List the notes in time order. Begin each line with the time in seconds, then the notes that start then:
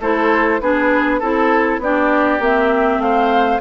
0.00 A3 E4 A4 C5
0.60 B3 D4 G#4 B4
1.19 C4 E4 A4
1.79 B3 D4 G4 D5
2.39 A#3 C4 E5
2.98 A3 C5 F5